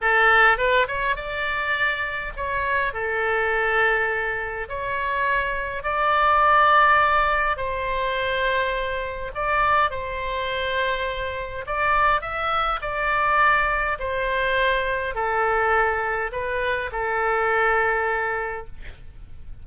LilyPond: \new Staff \with { instrumentName = "oboe" } { \time 4/4 \tempo 4 = 103 a'4 b'8 cis''8 d''2 | cis''4 a'2. | cis''2 d''2~ | d''4 c''2. |
d''4 c''2. | d''4 e''4 d''2 | c''2 a'2 | b'4 a'2. | }